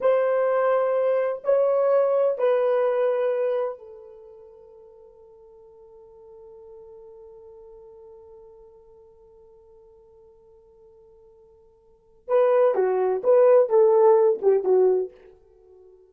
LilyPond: \new Staff \with { instrumentName = "horn" } { \time 4/4 \tempo 4 = 127 c''2. cis''4~ | cis''4 b'2. | a'1~ | a'1~ |
a'1~ | a'1~ | a'2 b'4 fis'4 | b'4 a'4. g'8 fis'4 | }